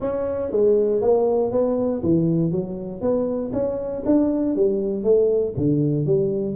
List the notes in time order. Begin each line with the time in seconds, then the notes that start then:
0.00 C#4
0.51 G#3
1.01 A#3
1.51 B3
2.03 E3
2.51 F#3
3.01 B3
3.52 C#4
4.05 D4
4.55 G3
5.03 A3
5.56 D3
6.06 G3